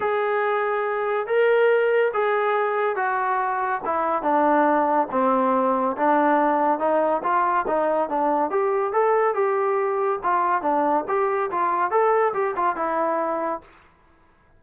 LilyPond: \new Staff \with { instrumentName = "trombone" } { \time 4/4 \tempo 4 = 141 gis'2. ais'4~ | ais'4 gis'2 fis'4~ | fis'4 e'4 d'2 | c'2 d'2 |
dis'4 f'4 dis'4 d'4 | g'4 a'4 g'2 | f'4 d'4 g'4 f'4 | a'4 g'8 f'8 e'2 | }